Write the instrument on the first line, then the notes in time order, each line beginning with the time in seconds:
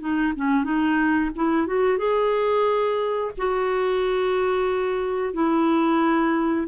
clarinet
0.00 D#4
0.36 C#4
0.64 D#4
1.36 E4
1.67 F#4
1.98 G#4
3.38 F#4
5.34 E4